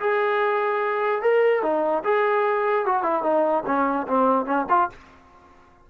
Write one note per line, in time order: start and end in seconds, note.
0.00 1.22 G#4
1.22 1.63 A#4
1.63 2.03 D#4
2.04 2.86 G#4
2.86 3.03 F#4
3.03 3.23 E4
3.23 3.63 D#4
3.66 4.07 C#4
4.07 4.46 C4
4.46 4.66 C#4
4.69 4.90 F4